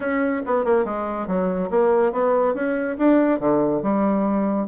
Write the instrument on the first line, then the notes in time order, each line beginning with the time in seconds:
bassoon
0.00 C#4
0.46 B3
0.65 A#3
0.85 G#3
1.27 F#3
1.70 A#3
2.12 B3
2.54 C#4
2.98 D4
3.39 D3
3.82 G3